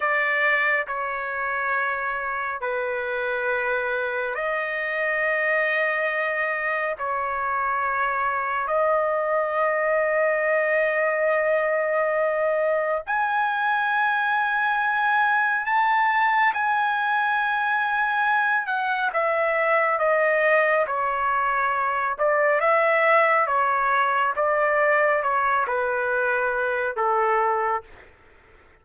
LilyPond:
\new Staff \with { instrumentName = "trumpet" } { \time 4/4 \tempo 4 = 69 d''4 cis''2 b'4~ | b'4 dis''2. | cis''2 dis''2~ | dis''2. gis''4~ |
gis''2 a''4 gis''4~ | gis''4. fis''8 e''4 dis''4 | cis''4. d''8 e''4 cis''4 | d''4 cis''8 b'4. a'4 | }